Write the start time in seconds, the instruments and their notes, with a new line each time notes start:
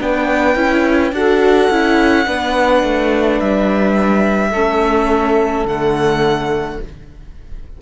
0.00 cello B3, viola D4, saxophone B4, violin G5
0.55 cello C#4, viola E4
1.12 cello D4, viola F#4, saxophone A4, violin F#5
1.70 cello C#4, viola E4
2.25 cello B3, viola D4, saxophone B4
2.83 cello A3
3.40 cello G3, violin E5
4.50 cello A3, viola C#4, saxophone A4
5.65 cello D3, viola A3, violin F#5